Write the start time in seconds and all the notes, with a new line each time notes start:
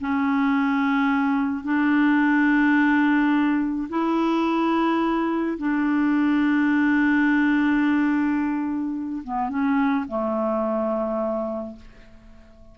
0.00 C#4
1.64 D4
3.89 E4
5.58 D4
9.23 B3
9.49 C#4
10.08 A3